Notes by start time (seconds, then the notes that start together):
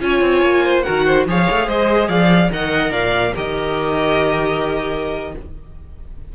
0.00 C#4 F4 C#5 G#5
0.21 C4
0.42 A#3
0.64 C5
0.82 F#4 A#4 F#5
0.89 D#3
1.06 C5
1.27 F3 G#4 C#5 F5
1.50 A3
1.67 G#3 C5 D#5
2.08 F3 D5 F5
2.51 D#3 A#4 D#5 F#5
2.91 A#2 D5 F5
3.35 D#3 G4 A#4 D#5